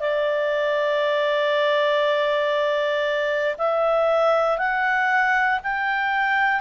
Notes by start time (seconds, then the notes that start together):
0.00 D5
3.58 E5
4.58 F#5
5.63 G5